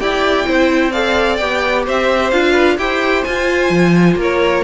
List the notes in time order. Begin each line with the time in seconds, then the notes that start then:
0.00 E4 G4 D5 G5
0.45 C4 E4 C5
0.92 A4 D5 F5
1.37 B3 G4 G5
1.86 C4 C5 E5
2.31 D4 F4 F5
2.52 B4
2.78 E4 G4 C5 G5
3.24 F4 G#5
3.70 F3
4.16 A#3 A#4
4.22 C#5